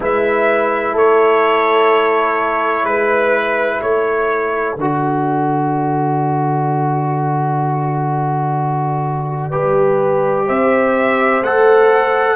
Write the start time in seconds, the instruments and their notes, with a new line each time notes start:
0.00 tuba G#3, trombone E4, horn B4, trumpet E5
0.93 tuba A3, horn A4, trumpet C#5
2.83 tuba G#3, trumpet B4, horn B4
3.80 tuba A3, horn A4, trumpet C#5
4.76 tuba D3, trombone F#4, trumpet D5
9.50 tuba G3, trombone G4, horn B4
10.46 tuba C4, horn C5, trumpet E5
11.41 tuba A3, trombone A4, trumpet F#5